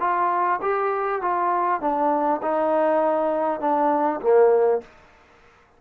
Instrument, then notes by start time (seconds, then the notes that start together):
trombone
0.00 F4
0.62 G4
1.21 F4
1.81 D4
2.42 D#4
3.60 D4
4.21 A#3